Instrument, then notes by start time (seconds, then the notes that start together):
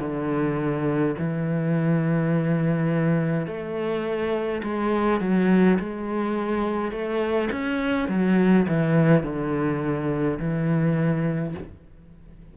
cello
0.00 D3
1.19 E3
3.47 A3
4.64 G#3
5.21 F#3
5.80 G#3
6.92 A3
7.52 C#4
8.09 F#3
8.68 E3
9.24 D3
10.40 E3